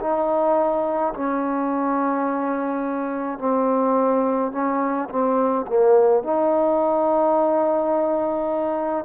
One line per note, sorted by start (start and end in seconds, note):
0.00 1.13 D#4
1.13 3.39 C#4
3.39 4.52 C4
4.52 5.08 C#4
5.09 5.66 C4
5.67 6.23 A#3
6.23 9.05 D#4